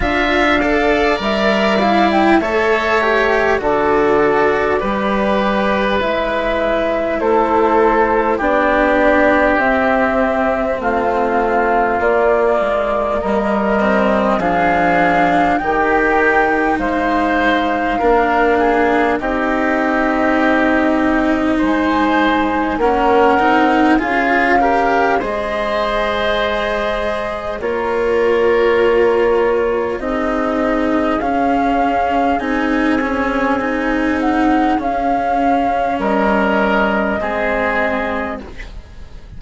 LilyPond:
<<
  \new Staff \with { instrumentName = "flute" } { \time 4/4 \tempo 4 = 50 f''4 e''8 f''16 g''16 e''4 d''4~ | d''4 e''4 c''4 d''4 | e''4 f''4 d''4 dis''4 | f''4 g''4 f''2 |
dis''2 gis''4 fis''4 | f''4 dis''2 cis''4~ | cis''4 dis''4 f''4 gis''4~ | gis''8 fis''8 f''4 dis''2 | }
  \new Staff \with { instrumentName = "oboe" } { \time 4/4 e''8 d''4. cis''4 a'4 | b'2 a'4 g'4~ | g'4 f'2 ais'4 | gis'4 g'4 c''4 ais'8 gis'8 |
g'2 c''4 ais'4 | gis'8 ais'8 c''2 ais'4~ | ais'4 gis'2.~ | gis'2 ais'4 gis'4 | }
  \new Staff \with { instrumentName = "cello" } { \time 4/4 f'8 a'8 ais'8 e'8 a'8 g'8 fis'4 | g'4 e'2 d'4 | c'2 ais4. c'8 | d'4 dis'2 d'4 |
dis'2. cis'8 dis'8 | f'8 g'8 gis'2 f'4~ | f'4 dis'4 cis'4 dis'8 cis'8 | dis'4 cis'2 c'4 | }
  \new Staff \with { instrumentName = "bassoon" } { \time 4/4 d'4 g4 a4 d4 | g4 gis4 a4 b4 | c'4 a4 ais8 gis8 g4 | f4 dis4 gis4 ais4 |
c'2 gis4 ais8 c'8 | cis'4 gis2 ais4~ | ais4 c'4 cis'4 c'4~ | c'4 cis'4 g4 gis4 | }
>>